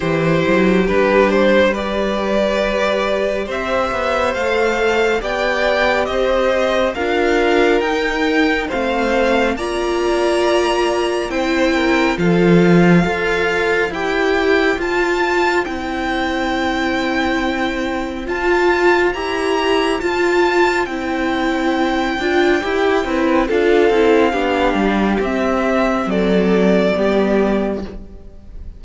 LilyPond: <<
  \new Staff \with { instrumentName = "violin" } { \time 4/4 \tempo 4 = 69 c''4 b'8 c''8 d''2 | e''4 f''4 g''4 dis''4 | f''4 g''4 f''4 ais''4~ | ais''4 g''4 f''2 |
g''4 a''4 g''2~ | g''4 a''4 ais''4 a''4 | g''2. f''4~ | f''4 e''4 d''2 | }
  \new Staff \with { instrumentName = "violin" } { \time 4/4 g'2 b'2 | c''2 d''4 c''4 | ais'2 c''4 d''4~ | d''4 c''8 ais'8 a'4 c''4~ |
c''1~ | c''1~ | c''2~ c''8 b'8 a'4 | g'2 a'4 g'4 | }
  \new Staff \with { instrumentName = "viola" } { \time 4/4 e'4 d'4 g'2~ | g'4 a'4 g'2 | f'4 dis'4 c'4 f'4~ | f'4 e'4 f'4 a'4 |
g'4 f'4 e'2~ | e'4 f'4 g'4 f'4 | e'4. f'8 g'8 e'8 f'8 e'8 | d'4 c'2 b4 | }
  \new Staff \with { instrumentName = "cello" } { \time 4/4 e8 fis8 g2. | c'8 b8 a4 b4 c'4 | d'4 dis'4 a4 ais4~ | ais4 c'4 f4 f'4 |
e'4 f'4 c'2~ | c'4 f'4 e'4 f'4 | c'4. d'8 e'8 c'8 d'8 c'8 | b8 g8 c'4 fis4 g4 | }
>>